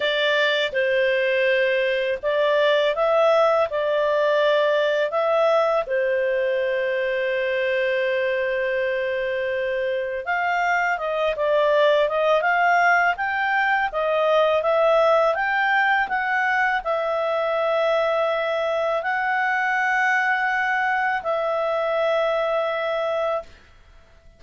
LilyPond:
\new Staff \with { instrumentName = "clarinet" } { \time 4/4 \tempo 4 = 82 d''4 c''2 d''4 | e''4 d''2 e''4 | c''1~ | c''2 f''4 dis''8 d''8~ |
d''8 dis''8 f''4 g''4 dis''4 | e''4 g''4 fis''4 e''4~ | e''2 fis''2~ | fis''4 e''2. | }